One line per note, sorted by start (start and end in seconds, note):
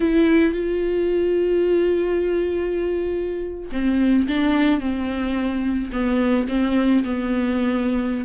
0.00 0.53 E4
0.53 3.70 F4
3.72 4.27 C4
4.27 4.80 D4
4.80 5.90 C4
5.92 6.47 B3
6.48 7.03 C4
7.04 8.25 B3